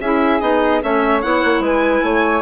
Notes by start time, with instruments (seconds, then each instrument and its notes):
0.00 bassoon C#4, clarinet E4, flute G#4, violin E5
0.41 bassoon B3, clarinet D#4, violin D#5
0.82 bassoon A3, clarinet C#4, flute C#5, violin E5
1.22 bassoon B3, clarinet E4, violin F#5
1.44 bassoon A#3
1.60 bassoon G#3, flute B4
1.66 violin G#5
2.03 bassoon A3, flute C#5